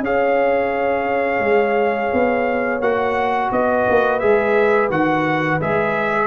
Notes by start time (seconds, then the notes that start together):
0.00 C#4 G#4 C#5 F5
1.40 G#3
2.13 B3
2.80 A#3 F#4 F#5
3.51 B3 B4 D#5
3.90 A#3
4.19 G#3 G#4 E5
4.90 D#3 F#4 F#5
5.60 G#3 G#4 E5